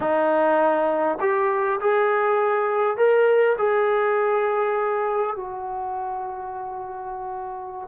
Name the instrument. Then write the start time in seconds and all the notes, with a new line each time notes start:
trombone
0.00 D#4
1.20 G4
1.80 G#4
2.97 A#4
3.58 G#4
5.36 F#4